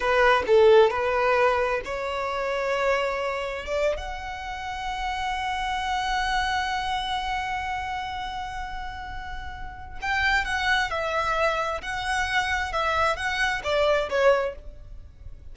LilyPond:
\new Staff \with { instrumentName = "violin" } { \time 4/4 \tempo 4 = 132 b'4 a'4 b'2 | cis''1 | d''8. fis''2.~ fis''16~ | fis''1~ |
fis''1~ | fis''2 g''4 fis''4 | e''2 fis''2 | e''4 fis''4 d''4 cis''4 | }